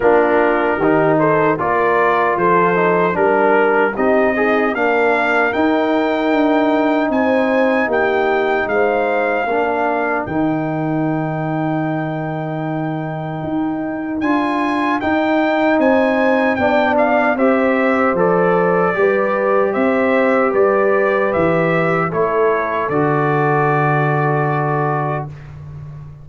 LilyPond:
<<
  \new Staff \with { instrumentName = "trumpet" } { \time 4/4 \tempo 4 = 76 ais'4. c''8 d''4 c''4 | ais'4 dis''4 f''4 g''4~ | g''4 gis''4 g''4 f''4~ | f''4 g''2.~ |
g''2 gis''4 g''4 | gis''4 g''8 f''8 e''4 d''4~ | d''4 e''4 d''4 e''4 | cis''4 d''2. | }
  \new Staff \with { instrumentName = "horn" } { \time 4/4 f'4 g'8 a'8 ais'4 a'4 | ais'4 g'8 dis'8 ais'2~ | ais'4 c''4 g'4 c''4 | ais'1~ |
ais'1 | c''4 d''4 c''2 | b'4 c''4 b'2 | a'1 | }
  \new Staff \with { instrumentName = "trombone" } { \time 4/4 d'4 dis'4 f'4. dis'8 | d'4 dis'8 gis'8 d'4 dis'4~ | dis'1 | d'4 dis'2.~ |
dis'2 f'4 dis'4~ | dis'4 d'4 g'4 a'4 | g'1 | e'4 fis'2. | }
  \new Staff \with { instrumentName = "tuba" } { \time 4/4 ais4 dis4 ais4 f4 | g4 c'4 ais4 dis'4 | d'4 c'4 ais4 gis4 | ais4 dis2.~ |
dis4 dis'4 d'4 dis'4 | c'4 b4 c'4 f4 | g4 c'4 g4 e4 | a4 d2. | }
>>